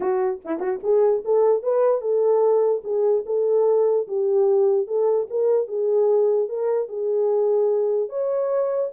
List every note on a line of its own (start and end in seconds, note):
0.00 0.40 F#4
0.45 0.59 E4
0.59 0.79 F#4
0.83 1.23 G#4
1.24 1.62 A4
1.62 2.01 B4
2.01 2.82 A4
2.84 3.24 G#4
3.26 4.07 A4
4.07 4.87 G4
4.87 5.27 A4
5.30 5.67 A#4
5.67 6.48 G#4
6.48 6.88 A#4
6.88 8.09 G#4
8.09 8.90 C#5